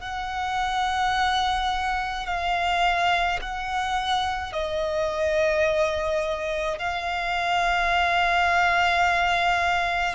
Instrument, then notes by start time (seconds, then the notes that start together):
violin
0.00 F#5
2.26 F5
3.41 F#5
4.52 D#5
6.78 F5